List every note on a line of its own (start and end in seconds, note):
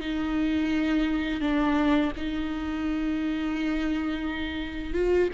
0.00 1.41 D#4
1.41 2.11 D4
2.17 4.93 D#4
4.93 5.28 F4